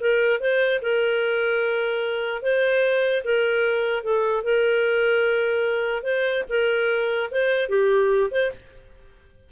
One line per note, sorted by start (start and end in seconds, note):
0.00 0.40 A#4
0.40 0.80 C5
0.82 2.42 A#4
2.42 3.23 C5
3.24 4.03 A#4
4.03 4.43 A4
4.43 6.03 A#4
6.03 6.43 C5
6.49 7.30 A#4
7.31 7.69 C5
7.69 8.30 G4
8.31 8.51 C5